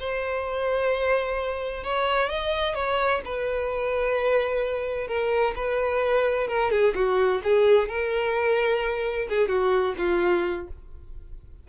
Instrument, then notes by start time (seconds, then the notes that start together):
violin
0.00 C5
1.84 C#5
2.30 D#5
2.75 C#5
3.25 B4
5.08 A#4
5.56 B4
6.48 A#4
6.71 G#4
6.95 F#4
7.44 G#4
7.89 A#4
9.30 G#4
9.49 F#4
9.98 F4